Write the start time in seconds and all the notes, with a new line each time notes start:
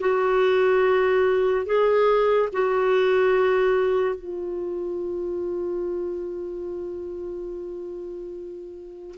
0.00 F#4
1.66 G#4
2.53 F#4
4.16 F4